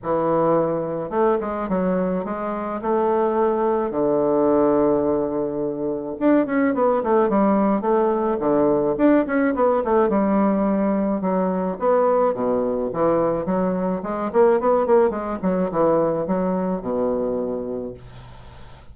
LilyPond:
\new Staff \with { instrumentName = "bassoon" } { \time 4/4 \tempo 4 = 107 e2 a8 gis8 fis4 | gis4 a2 d4~ | d2. d'8 cis'8 | b8 a8 g4 a4 d4 |
d'8 cis'8 b8 a8 g2 | fis4 b4 b,4 e4 | fis4 gis8 ais8 b8 ais8 gis8 fis8 | e4 fis4 b,2 | }